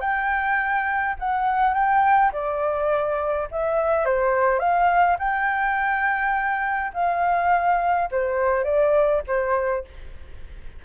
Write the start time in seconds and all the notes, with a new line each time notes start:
0.00 G5
1.19 F#5
1.74 G5
2.32 D5
3.51 E5
4.05 C5
4.59 F5
5.19 G5
6.94 F5
8.11 C5
8.64 D5
9.27 C5